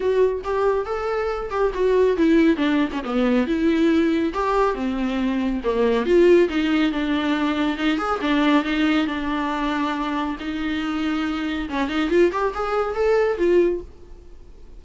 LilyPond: \new Staff \with { instrumentName = "viola" } { \time 4/4 \tempo 4 = 139 fis'4 g'4 a'4. g'8 | fis'4 e'4 d'8. cis'16 b4 | e'2 g'4 c'4~ | c'4 ais4 f'4 dis'4 |
d'2 dis'8 gis'8 d'4 | dis'4 d'2. | dis'2. cis'8 dis'8 | f'8 g'8 gis'4 a'4 f'4 | }